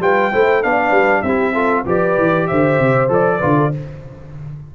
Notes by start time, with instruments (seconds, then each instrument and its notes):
0.00 tuba G3, trombone F4, horn B4, trumpet G5
0.32 tuba A3, trombone E4, horn C5
0.63 tuba B3, trombone D4, horn D5, trumpet F5
0.90 tuba G3, horn B4
1.22 tuba C4, trombone E4, horn G4, trumpet E5
1.53 trombone F4, horn A4
1.86 tuba F3, trombone G4, horn B4, trumpet D5
2.18 tuba E3
2.47 tuba D3, horn C5, trumpet E5
2.79 tuba C3
3.09 tuba F3, trombone A4, trumpet D5
3.38 tuba D3, trombone F4, horn B4
3.57 horn A4